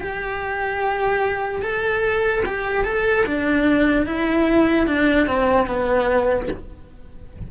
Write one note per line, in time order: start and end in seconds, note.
0.00 1.62 G4
1.62 2.43 A4
2.45 2.84 G4
2.84 3.25 A4
3.26 4.06 D4
4.06 4.86 E4
4.86 5.27 D4
5.27 5.66 C4
5.66 6.48 B3